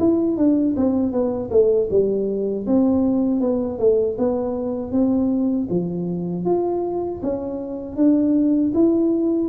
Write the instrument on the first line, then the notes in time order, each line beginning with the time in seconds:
tuba
0.00 E4
0.38 D4
0.77 C4
1.13 B3
1.51 A3
1.91 G3
2.67 C4
3.41 B3
3.79 A3
4.19 B3
4.92 C4
5.70 F3
6.46 F4
7.23 C#4
7.97 D4
8.75 E4